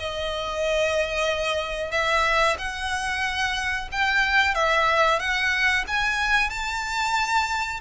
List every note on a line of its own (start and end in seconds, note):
0.00 1.92 D#5
1.92 2.57 E5
2.59 3.89 F#5
3.92 4.55 G5
4.55 5.20 E5
5.20 5.85 F#5
5.88 6.50 G#5
6.50 7.81 A5